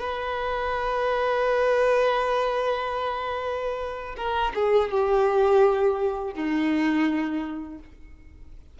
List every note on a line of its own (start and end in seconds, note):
0.00 4.16 B4
4.17 4.53 A#4
4.55 4.91 G#4
4.91 6.34 G4
6.34 7.79 D#4